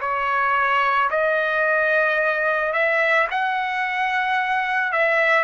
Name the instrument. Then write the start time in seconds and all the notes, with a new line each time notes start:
trumpet
0.00 C#5
1.10 D#5
2.73 E5
3.30 F#5
4.92 E5